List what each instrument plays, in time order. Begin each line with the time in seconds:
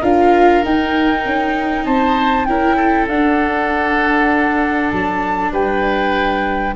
0.00 tuba D4, viola F4, oboe A#4, flute F5
0.63 viola D#4, tuba D#4, flute G5
1.24 tuba C#4
1.85 tuba C4, oboe C5, flute A5
2.45 tuba C#4, viola E4, oboe A#4, flute G5
2.76 oboe A4
3.08 tuba D4, viola D4, flute F#5
4.90 tuba F#3, flute A5
5.51 tuba G3, oboe B4, flute G5